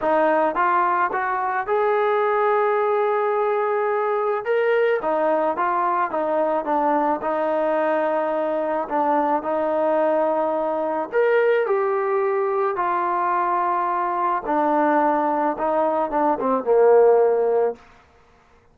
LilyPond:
\new Staff \with { instrumentName = "trombone" } { \time 4/4 \tempo 4 = 108 dis'4 f'4 fis'4 gis'4~ | gis'1 | ais'4 dis'4 f'4 dis'4 | d'4 dis'2. |
d'4 dis'2. | ais'4 g'2 f'4~ | f'2 d'2 | dis'4 d'8 c'8 ais2 | }